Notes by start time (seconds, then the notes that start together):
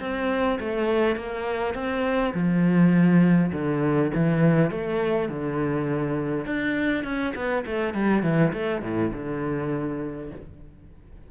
0.00 C4
0.60 A3
1.16 A#3
1.75 C4
2.34 F3
3.52 D3
4.15 E3
4.71 A3
5.29 D3
6.45 D4
7.04 C#4
7.35 B3
7.66 A3
7.94 G3
8.23 E3
8.53 A3
8.82 A2
9.13 D3